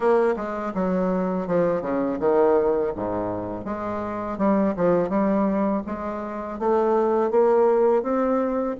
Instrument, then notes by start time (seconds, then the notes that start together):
bassoon
0.00 A#3
0.36 G#3
0.74 F#3
1.47 F3
1.81 C#3
2.19 D#3
2.95 G#2
3.64 G#3
4.37 G3
4.76 F3
5.09 G3
5.86 G#3
6.59 A3
7.30 A#3
8.03 C4